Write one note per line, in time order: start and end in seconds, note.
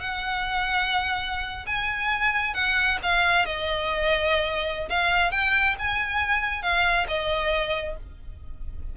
0.00 1.65 F#5
1.66 2.54 G#5
2.54 2.98 F#5
3.03 3.46 F5
3.46 4.89 D#5
4.89 5.31 F5
5.31 5.76 G5
5.79 6.62 G#5
6.62 7.06 F5
7.08 7.96 D#5